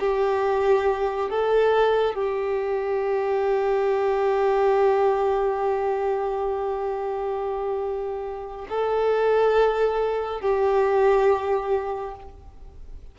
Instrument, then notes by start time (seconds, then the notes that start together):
violin
0.00 G4
1.30 A4
2.15 G4
8.69 A4
10.41 G4